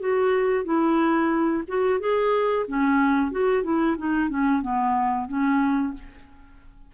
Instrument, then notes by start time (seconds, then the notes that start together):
clarinet
0.00 F#4
0.64 E4
1.68 F#4
2.00 G#4
2.68 C#4
3.31 F#4
3.63 E4
3.97 D#4
4.29 C#4
4.62 B3
5.28 C#4